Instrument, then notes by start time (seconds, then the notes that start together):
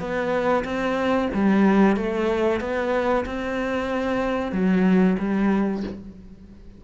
cello
0.00 B3
0.65 C4
1.34 G3
1.96 A3
2.61 B3
3.26 C4
4.52 F#3
5.19 G3